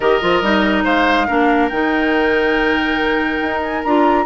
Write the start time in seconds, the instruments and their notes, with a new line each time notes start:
0.00 bassoon D#3, clarinet G4, oboe A#4, flute D#5
0.21 bassoon F3, clarinet F4
0.41 bassoon G3, clarinet D#4
0.84 bassoon G#3, oboe C5, flute F5
1.27 bassoon A#3, clarinet D4, oboe A#4
1.69 bassoon D#3, clarinet D#4, flute G5
3.41 bassoon D#4
3.61 flute G#5
3.83 bassoon D4, clarinet F4, flute A#5